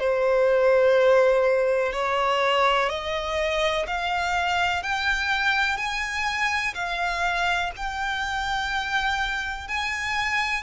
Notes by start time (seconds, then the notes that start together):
0.00 C5
1.93 C#5
2.89 D#5
3.87 F5
4.83 G5
5.78 G#5
6.75 F5
7.77 G5
9.68 G#5